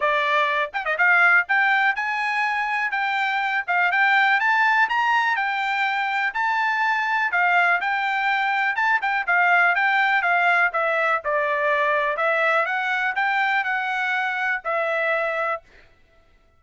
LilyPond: \new Staff \with { instrumentName = "trumpet" } { \time 4/4 \tempo 4 = 123 d''4. g''16 dis''16 f''4 g''4 | gis''2 g''4. f''8 | g''4 a''4 ais''4 g''4~ | g''4 a''2 f''4 |
g''2 a''8 g''8 f''4 | g''4 f''4 e''4 d''4~ | d''4 e''4 fis''4 g''4 | fis''2 e''2 | }